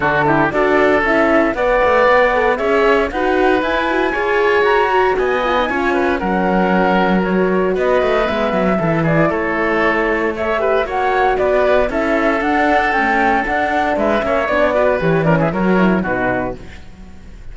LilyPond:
<<
  \new Staff \with { instrumentName = "flute" } { \time 4/4 \tempo 4 = 116 a'4 d''4 e''4 fis''4~ | fis''4 e''4 fis''4 gis''4~ | gis''4 ais''4 gis''2 | fis''2 cis''4 dis''4 |
e''4. d''8 cis''2 | e''4 fis''4 d''4 e''4 | fis''4 g''4 fis''4 e''4 | d''4 cis''8 d''16 e''16 cis''4 b'4 | }
  \new Staff \with { instrumentName = "oboe" } { \time 4/4 fis'8 g'8 a'2 d''4~ | d''4 cis''4 b'2 | cis''2 dis''4 cis''8 b'8 | ais'2. b'4~ |
b'4 a'8 gis'8 a'2 | cis''8 b'8 cis''4 b'4 a'4~ | a'2. b'8 cis''8~ | cis''8 b'4 ais'16 gis'16 ais'4 fis'4 | }
  \new Staff \with { instrumentName = "horn" } { \time 4/4 d'8 e'8 fis'4 e'4 b'4~ | b'8 a'8 gis'4 fis'4 e'8 fis'8 | gis'4. fis'4 f'16 dis'16 f'4 | cis'2 fis'2 |
b4 e'2. | a'8 g'8 fis'2 e'4 | d'4 a4 d'4. cis'8 | d'8 fis'8 g'8 cis'8 fis'8 e'8 dis'4 | }
  \new Staff \with { instrumentName = "cello" } { \time 4/4 d4 d'4 cis'4 b8 a8 | b4 cis'4 dis'4 e'4 | f'4 fis'4 b4 cis'4 | fis2. b8 a8 |
gis8 fis8 e4 a2~ | a4 ais4 b4 cis'4 | d'4 cis'4 d'4 gis8 ais8 | b4 e4 fis4 b,4 | }
>>